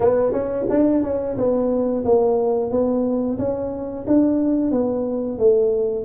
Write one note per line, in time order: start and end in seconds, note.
0.00 0.32 B3
0.32 0.66 C#4
0.69 1.03 D4
1.03 1.36 C#4
1.37 2.04 B3
2.04 2.70 A#3
2.70 3.38 B3
3.38 4.05 C#4
4.07 4.71 D4
4.71 5.38 B3
5.38 6.05 A3